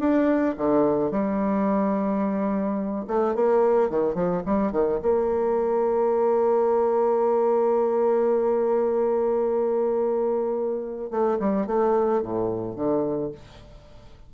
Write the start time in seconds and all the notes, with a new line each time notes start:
0.00 D4
0.58 D3
1.11 G3
3.08 A3
3.36 A#3
3.90 D#3
4.15 F3
4.46 G3
4.72 D#3
5.03 A#3
11.11 A3
11.40 G3
11.67 A3
12.22 A2
12.76 D3